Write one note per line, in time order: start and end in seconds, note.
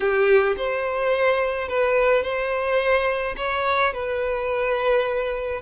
0.00 0.55 G4
0.56 1.68 C5
1.68 2.23 B4
2.23 3.35 C5
3.36 3.93 C#5
3.93 5.61 B4